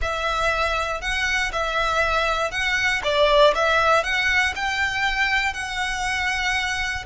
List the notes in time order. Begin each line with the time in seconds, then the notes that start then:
0.01 E5
1.01 F#5
1.52 E5
2.51 F#5
3.03 D5
3.54 E5
4.03 F#5
4.55 G5
5.53 F#5